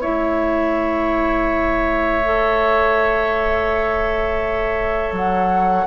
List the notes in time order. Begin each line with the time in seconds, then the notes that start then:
0.00 A3 E4 C#5 E5
2.23 A4
5.12 F#3 F#5